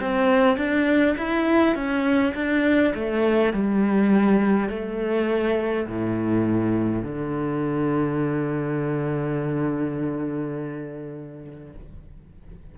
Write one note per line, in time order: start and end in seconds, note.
0.00 0.57 C4
0.57 1.16 D4
1.18 1.75 E4
1.75 2.34 C#4
2.35 2.94 D4
2.94 3.52 A3
3.52 4.69 G3
4.69 5.87 A3
5.87 7.02 A2
7.02 11.73 D3